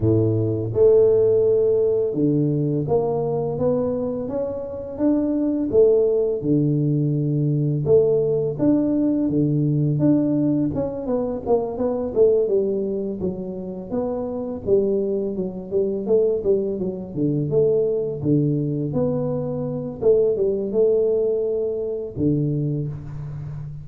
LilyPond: \new Staff \with { instrumentName = "tuba" } { \time 4/4 \tempo 4 = 84 a,4 a2 d4 | ais4 b4 cis'4 d'4 | a4 d2 a4 | d'4 d4 d'4 cis'8 b8 |
ais8 b8 a8 g4 fis4 b8~ | b8 g4 fis8 g8 a8 g8 fis8 | d8 a4 d4 b4. | a8 g8 a2 d4 | }